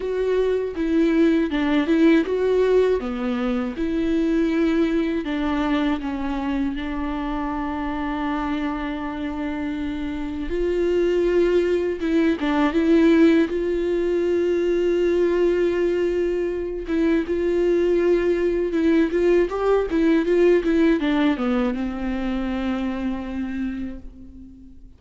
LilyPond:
\new Staff \with { instrumentName = "viola" } { \time 4/4 \tempo 4 = 80 fis'4 e'4 d'8 e'8 fis'4 | b4 e'2 d'4 | cis'4 d'2.~ | d'2 f'2 |
e'8 d'8 e'4 f'2~ | f'2~ f'8 e'8 f'4~ | f'4 e'8 f'8 g'8 e'8 f'8 e'8 | d'8 b8 c'2. | }